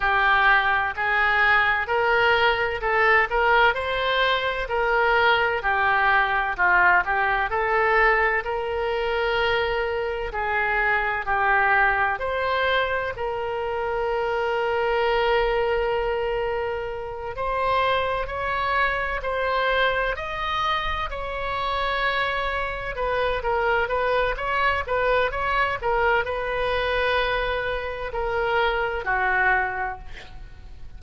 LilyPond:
\new Staff \with { instrumentName = "oboe" } { \time 4/4 \tempo 4 = 64 g'4 gis'4 ais'4 a'8 ais'8 | c''4 ais'4 g'4 f'8 g'8 | a'4 ais'2 gis'4 | g'4 c''4 ais'2~ |
ais'2~ ais'8 c''4 cis''8~ | cis''8 c''4 dis''4 cis''4.~ | cis''8 b'8 ais'8 b'8 cis''8 b'8 cis''8 ais'8 | b'2 ais'4 fis'4 | }